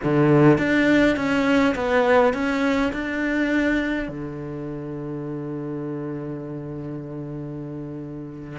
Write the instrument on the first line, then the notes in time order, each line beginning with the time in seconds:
cello
0.03 D3
0.58 D4
1.16 C#4
1.75 B3
2.33 C#4
2.92 D4
4.08 D3